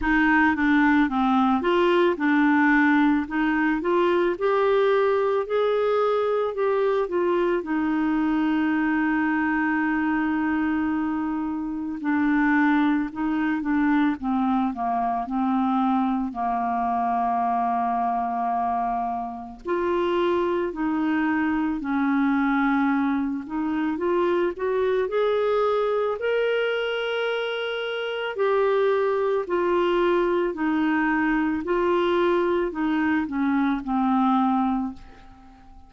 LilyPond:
\new Staff \with { instrumentName = "clarinet" } { \time 4/4 \tempo 4 = 55 dis'8 d'8 c'8 f'8 d'4 dis'8 f'8 | g'4 gis'4 g'8 f'8 dis'4~ | dis'2. d'4 | dis'8 d'8 c'8 ais8 c'4 ais4~ |
ais2 f'4 dis'4 | cis'4. dis'8 f'8 fis'8 gis'4 | ais'2 g'4 f'4 | dis'4 f'4 dis'8 cis'8 c'4 | }